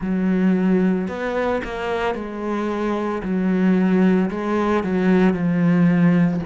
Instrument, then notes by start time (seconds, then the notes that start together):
cello
0.00 F#3
1.08 B3
1.64 A#3
2.14 G#3
3.22 F#3
4.30 G#3
4.83 F#3
5.33 F3